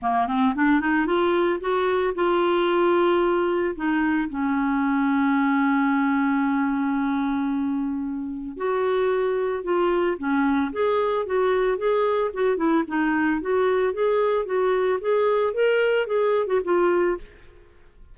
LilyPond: \new Staff \with { instrumentName = "clarinet" } { \time 4/4 \tempo 4 = 112 ais8 c'8 d'8 dis'8 f'4 fis'4 | f'2. dis'4 | cis'1~ | cis'1 |
fis'2 f'4 cis'4 | gis'4 fis'4 gis'4 fis'8 e'8 | dis'4 fis'4 gis'4 fis'4 | gis'4 ais'4 gis'8. fis'16 f'4 | }